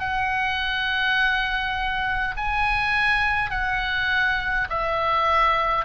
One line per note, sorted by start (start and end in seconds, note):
0.00 2.35 F#5
2.37 3.51 G#5
3.51 4.68 F#5
4.70 5.86 E5